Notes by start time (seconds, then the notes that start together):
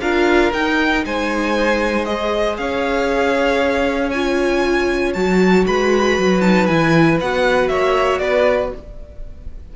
0.00 D4 F4 A#4 F5
0.53 D#4 G5
1.04 G#3 C5 G#5
2.05 G#4 D#5
2.57 C#4 C#5 F5
4.10 F4 G#5
5.13 F#3 F#4 A5
5.66 G#3 B4 B5
6.18 F#3
6.40 D#4 A5
6.66 E3 E4 G#5
7.20 B3 F#4 F#5
7.68 A#3 C#5 E5
8.18 B3 B4 D5